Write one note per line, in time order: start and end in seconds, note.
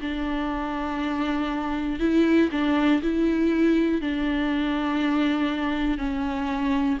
0.00 1.99 D4
1.99 2.49 E4
2.51 3.01 D4
3.02 4.00 E4
4.00 5.98 D4
5.98 6.98 C#4